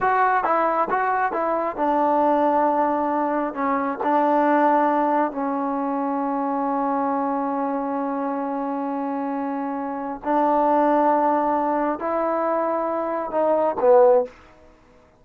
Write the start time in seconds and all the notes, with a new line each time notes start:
0.00 F#4
0.44 E4
0.90 F#4
1.32 E4
1.76 D4
3.53 C#4
4.03 D4
5.31 C#4
10.24 D4
11.99 E4
13.31 D#4
13.80 B3